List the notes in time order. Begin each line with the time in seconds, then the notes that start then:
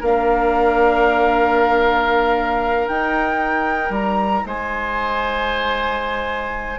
0.00 A#3 D4 A#4 F5
2.88 D#4 G5
3.90 G3 A#5
4.45 G#3 C5 G#5